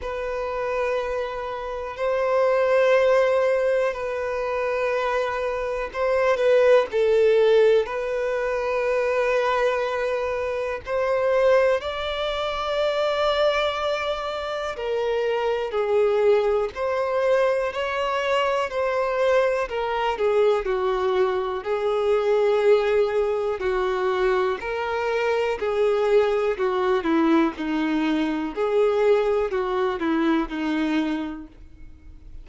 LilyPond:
\new Staff \with { instrumentName = "violin" } { \time 4/4 \tempo 4 = 61 b'2 c''2 | b'2 c''8 b'8 a'4 | b'2. c''4 | d''2. ais'4 |
gis'4 c''4 cis''4 c''4 | ais'8 gis'8 fis'4 gis'2 | fis'4 ais'4 gis'4 fis'8 e'8 | dis'4 gis'4 fis'8 e'8 dis'4 | }